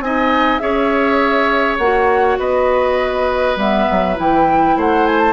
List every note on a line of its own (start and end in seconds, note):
0.00 0.59 C4
0.00 0.59 D#4
0.00 0.61 D#5
0.00 0.58 G#5
0.58 1.78 C#4
0.58 1.78 G#4
0.58 2.39 C#5
0.58 1.76 E5
1.77 2.38 A#3
1.77 3.57 F#4
1.77 2.37 F#5
2.38 3.56 B3
2.38 4.76 B4
2.38 3.58 D#5
3.56 3.86 G3
3.56 4.15 B3
3.56 4.18 E5
3.90 4.18 F#3
4.15 4.77 E3
4.15 5.33 E4
4.15 4.79 G5
4.77 5.33 A3
4.77 5.33 C5
4.77 5.06 F#5
5.06 5.20 G#5
5.20 5.33 A5